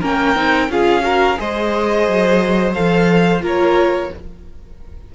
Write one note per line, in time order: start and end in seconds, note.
0.00 0.35 A#3
0.00 0.35 C#4
0.00 0.68 A#4
0.00 0.71 G5
0.35 0.69 C4
0.35 0.69 D#4
0.69 1.37 C#4
0.69 1.01 F4
0.69 1.04 G#4
0.69 1.39 F5
1.01 1.36 F#4
1.01 1.38 A#4
1.37 2.08 G#3
1.37 2.74 G#4
1.37 3.42 C5
1.37 2.74 D#5
2.08 2.76 F#3
2.74 3.42 F3
2.74 3.40 A4
2.74 3.42 F5
3.40 4.10 A#3
3.40 4.08 F4
3.40 4.10 A#4
3.47 4.15 C#5